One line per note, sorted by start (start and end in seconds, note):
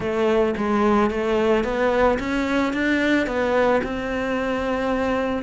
0.00 0.55 A3
0.56 1.10 G#3
1.10 1.64 A3
1.64 2.18 B3
2.19 2.73 C#4
2.73 3.26 D4
3.26 3.81 B3
3.83 5.42 C4